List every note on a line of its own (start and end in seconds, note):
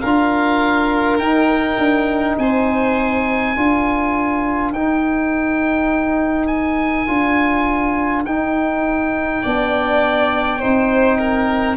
0.00 1.18 D4
0.00 1.21 F4
0.00 2.36 A#4
0.00 1.18 F5
1.18 1.76 D#4
1.18 3.56 D#4
1.18 2.36 G5
1.77 2.36 D4
2.37 3.55 C4
2.37 3.55 C5
2.37 4.73 G#5
3.55 4.71 D4
3.55 4.74 F4
3.55 9.42 A#4
4.71 7.07 D#4
4.71 6.47 G5
6.47 8.23 G#5
7.07 8.24 D4
7.07 8.24 F4
8.24 9.42 D#4
8.24 9.44 D#4
8.24 11.76 G5
9.42 10.62 B3
9.42 10.60 D4
9.42 10.59 D5
10.59 11.76 C4
10.59 11.76 D#4
10.59 11.17 C5
11.18 11.76 A#4